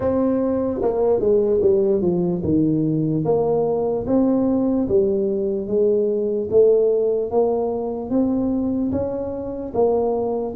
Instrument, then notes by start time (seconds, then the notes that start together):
tuba
0.00 C4
0.82 A#3
1.19 G#3
1.61 G3
2.01 F3
2.43 D#3
3.24 A#3
4.07 C4
4.88 G3
5.67 G#3
6.50 A3
7.30 A#3
8.10 C4
8.92 C#4
9.73 A#3